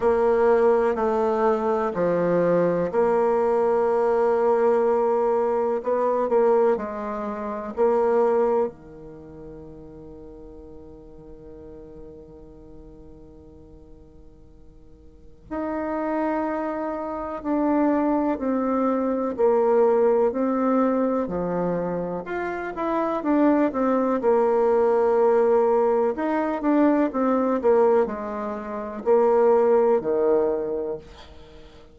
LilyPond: \new Staff \with { instrumentName = "bassoon" } { \time 4/4 \tempo 4 = 62 ais4 a4 f4 ais4~ | ais2 b8 ais8 gis4 | ais4 dis2.~ | dis1 |
dis'2 d'4 c'4 | ais4 c'4 f4 f'8 e'8 | d'8 c'8 ais2 dis'8 d'8 | c'8 ais8 gis4 ais4 dis4 | }